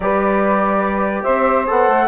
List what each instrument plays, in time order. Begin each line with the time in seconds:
0.00 bassoon G3, trombone G4, saxophone B4, flute D5
1.23 bassoon C4, saxophone C5, flute E5
1.66 bassoon B3, trombone A4, flute F#5
1.87 bassoon A3